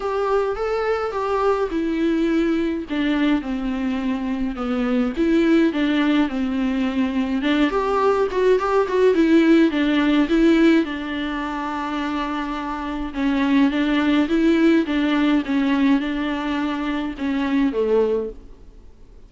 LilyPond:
\new Staff \with { instrumentName = "viola" } { \time 4/4 \tempo 4 = 105 g'4 a'4 g'4 e'4~ | e'4 d'4 c'2 | b4 e'4 d'4 c'4~ | c'4 d'8 g'4 fis'8 g'8 fis'8 |
e'4 d'4 e'4 d'4~ | d'2. cis'4 | d'4 e'4 d'4 cis'4 | d'2 cis'4 a4 | }